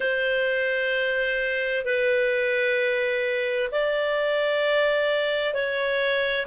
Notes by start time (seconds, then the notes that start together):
0.00 C5
1.85 B4
3.71 D5
5.53 C#5